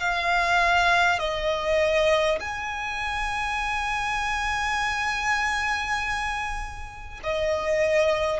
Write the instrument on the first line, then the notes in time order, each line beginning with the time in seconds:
violin
0.00 F5
1.19 D#5
2.40 G#5
7.23 D#5